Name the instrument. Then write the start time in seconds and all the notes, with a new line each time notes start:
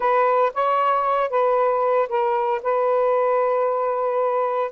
saxophone
0.00 B4
0.54 C#5
1.30 B4
2.09 A#4
2.62 B4